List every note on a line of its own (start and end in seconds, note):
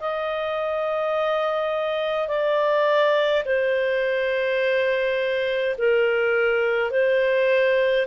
0.00 2.28 D#5
2.28 3.43 D5
3.46 5.76 C5
5.78 6.91 A#4
6.91 8.06 C5